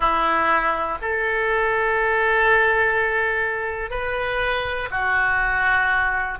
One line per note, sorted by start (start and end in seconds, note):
0.00 0.98 E4
1.01 3.90 A4
3.90 4.88 B4
4.90 6.38 F#4